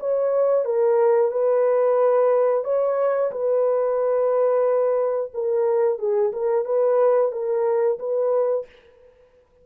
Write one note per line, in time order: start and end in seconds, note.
0.00 0.65 C#5
0.65 1.32 A#4
1.32 2.65 B4
2.65 3.31 C#5
3.32 5.32 B4
5.34 5.99 A#4
5.99 6.32 G#4
6.33 6.65 A#4
6.65 7.32 B4
7.32 7.98 A#4
7.99 8.66 B4